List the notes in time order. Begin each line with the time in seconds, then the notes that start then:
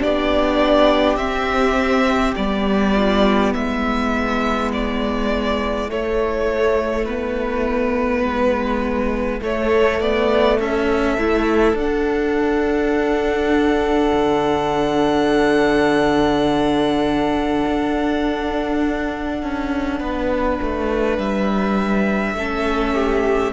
0.00 B3 D4 G4 D5
1.16 C4 E5
2.36 G3 B3 D5
2.96 F4
3.51 G#3 E4 E5
4.73 D5
5.89 A3 C#5
7.05 B3 B4
8.23 G#3
9.41 A3 C#5
10.00 B3 D5
10.59 C#4 A4 E5
11.18 A3 E4
11.74 D4 F#5
14.13 D3
17.66 D4
19.43 C#4
19.99 B3 B4
20.62 A3
21.18 G3 E5
22.34 A3 C#4 A4
22.94 G4